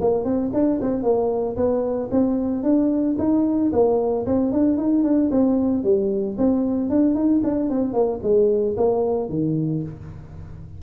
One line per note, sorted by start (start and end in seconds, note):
0.00 0.24 A#3
0.24 0.50 C4
0.53 0.79 D4
0.81 1.03 C4
1.03 1.56 A#3
1.56 2.09 B3
2.11 2.63 C4
2.63 3.16 D4
3.18 3.71 D#4
3.72 4.25 A#3
4.26 4.52 C4
4.52 4.77 D4
4.77 5.03 D#4
5.03 5.30 D4
5.30 5.83 C4
5.83 6.36 G3
6.37 6.89 C4
6.89 7.14 D4
7.14 7.41 D#4
7.43 7.69 D4
7.69 7.93 C4
7.93 8.19 A#3
8.23 8.76 G#3
8.77 9.29 A#3
9.29 9.82 D#3